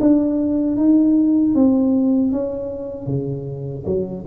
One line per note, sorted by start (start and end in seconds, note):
0.00 0.77 D4
0.77 1.54 D#4
1.54 2.32 C4
2.32 3.06 C#4
3.06 3.84 C#3
3.85 4.24 F#3